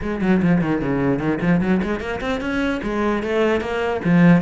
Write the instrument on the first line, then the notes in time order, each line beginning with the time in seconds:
cello
0.01 G#3
0.21 F#3
0.42 F3
0.61 D#3
0.81 C#3
1.19 D#3
1.41 F3
1.61 F#3
1.82 G#3
2.00 A#3
2.21 C4
2.40 C#4
2.82 G#3
3.23 A3
3.60 A#3
4.04 F3